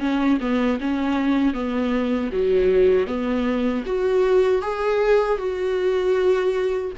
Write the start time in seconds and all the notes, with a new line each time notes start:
0.00 C#4
0.41 B3
0.81 C#4
1.54 B3
2.33 F#3
3.07 B3
3.86 F#4
4.62 G#4
5.38 F#4